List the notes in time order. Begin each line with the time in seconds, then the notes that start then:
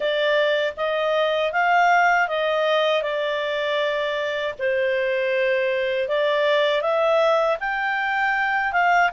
0.00 D5
0.76 D#5
1.52 F5
2.28 D#5
3.02 D5
4.58 C5
6.08 D5
6.81 E5
7.59 G5
8.72 F5